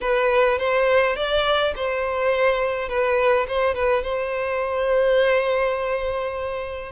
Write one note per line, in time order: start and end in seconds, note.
0.00 0.58 B4
0.58 1.16 C5
1.16 1.73 D5
1.76 2.88 C5
2.88 3.46 B4
3.47 3.74 C5
3.74 4.03 B4
4.03 6.91 C5